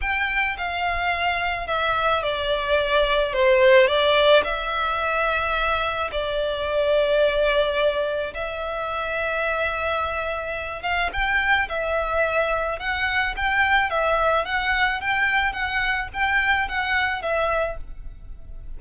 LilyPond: \new Staff \with { instrumentName = "violin" } { \time 4/4 \tempo 4 = 108 g''4 f''2 e''4 | d''2 c''4 d''4 | e''2. d''4~ | d''2. e''4~ |
e''2.~ e''8 f''8 | g''4 e''2 fis''4 | g''4 e''4 fis''4 g''4 | fis''4 g''4 fis''4 e''4 | }